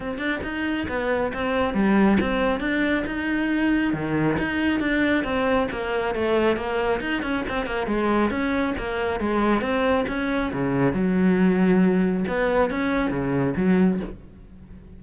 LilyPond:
\new Staff \with { instrumentName = "cello" } { \time 4/4 \tempo 4 = 137 c'8 d'8 dis'4 b4 c'4 | g4 c'4 d'4 dis'4~ | dis'4 dis4 dis'4 d'4 | c'4 ais4 a4 ais4 |
dis'8 cis'8 c'8 ais8 gis4 cis'4 | ais4 gis4 c'4 cis'4 | cis4 fis2. | b4 cis'4 cis4 fis4 | }